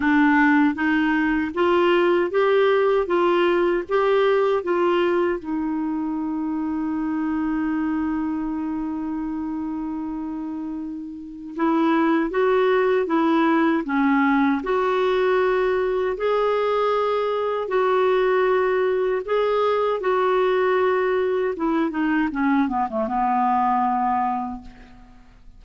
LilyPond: \new Staff \with { instrumentName = "clarinet" } { \time 4/4 \tempo 4 = 78 d'4 dis'4 f'4 g'4 | f'4 g'4 f'4 dis'4~ | dis'1~ | dis'2. e'4 |
fis'4 e'4 cis'4 fis'4~ | fis'4 gis'2 fis'4~ | fis'4 gis'4 fis'2 | e'8 dis'8 cis'8 b16 a16 b2 | }